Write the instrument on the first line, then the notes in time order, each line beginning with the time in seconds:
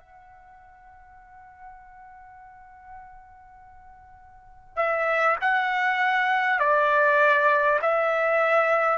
trumpet
0.00 F#5
4.76 E5
5.41 F#5
6.59 D5
7.82 E5